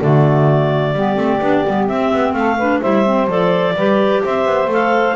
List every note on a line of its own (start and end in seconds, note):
0.00 0.93 D3
0.00 0.95 A3
0.00 0.93 F#4
0.00 1.88 D5
0.93 1.16 G3
0.93 1.15 B3
0.93 2.34 G4
1.15 1.40 A3
1.15 1.38 C4
1.41 1.64 B3
1.41 1.65 D4
1.67 1.89 G3
1.67 1.88 B3
1.88 2.58 C4
1.88 2.12 C4
1.88 2.33 E5
2.13 2.33 B3
2.33 2.80 A3
2.33 2.57 A4
2.33 2.80 F5
2.57 2.83 D4
2.57 2.80 B4
2.80 3.27 G3
2.80 3.04 E4
2.80 3.74 C5
2.80 3.28 E5
3.04 3.28 C4
3.27 3.74 F3
3.27 3.76 A4
3.27 4.23 D5
3.76 4.22 G3
3.76 4.69 G4
3.76 4.23 B4
4.24 4.45 C4
4.24 5.16 C5
4.24 4.71 E5
4.45 4.67 B3
4.67 5.13 A3
4.67 5.16 A4
4.67 5.16 F5